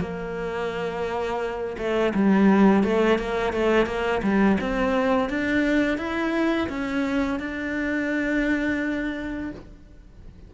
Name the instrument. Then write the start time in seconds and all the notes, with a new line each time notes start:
cello
0.00 A#3
1.78 A3
2.14 G3
2.84 A3
3.19 A#3
3.53 A3
3.86 A#3
4.23 G3
4.61 C4
5.29 D4
5.98 E4
6.69 C#4
7.39 D4